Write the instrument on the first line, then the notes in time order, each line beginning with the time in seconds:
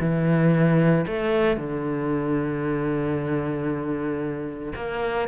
cello
0.00 E3
1.07 A3
1.57 D3
4.76 A#3